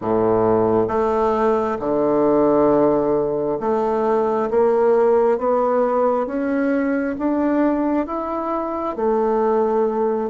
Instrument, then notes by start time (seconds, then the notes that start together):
bassoon
0.01 A2
0.88 A3
1.79 D3
3.60 A3
4.50 A#3
5.37 B3
6.26 C#4
7.18 D4
8.06 E4
8.96 A3